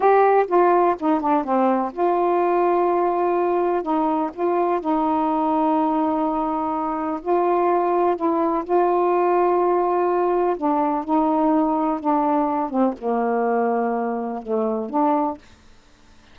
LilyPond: \new Staff \with { instrumentName = "saxophone" } { \time 4/4 \tempo 4 = 125 g'4 f'4 dis'8 d'8 c'4 | f'1 | dis'4 f'4 dis'2~ | dis'2. f'4~ |
f'4 e'4 f'2~ | f'2 d'4 dis'4~ | dis'4 d'4. c'8 ais4~ | ais2 a4 d'4 | }